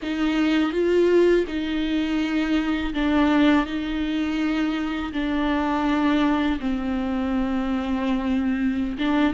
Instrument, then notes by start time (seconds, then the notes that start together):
viola
0.02 D#4
0.72 F4
1.47 D#4
2.94 D4
3.66 D#4
5.12 D4
6.60 C4
8.98 D4